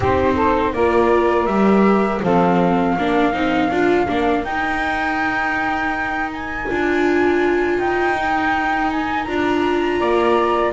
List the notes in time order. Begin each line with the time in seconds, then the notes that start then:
0.00 C4 D#4 G4 C5
0.34 A4
0.72 A#3 F4 A#4 D5
1.46 G3 G4 E5
2.23 F3 C4 A4 F5
2.96 A#3 D4 A#4
3.32 C4 D#4
3.70 D4 F4
4.07 A#3 D4
4.44 D#4 G5
6.33 G#5
6.70 D4 F4
7.78 D#4 G5
8.16 D#4
8.91 G#5
9.23 D4 F4 A#5
9.99 A#3 D5